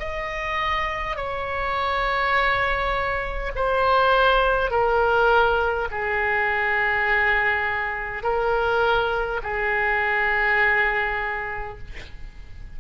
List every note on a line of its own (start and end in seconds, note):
0.00 1.17 D#5
1.17 3.52 C#5
3.56 4.71 C5
4.71 5.89 A#4
5.91 8.24 G#4
8.24 9.41 A#4
9.43 11.79 G#4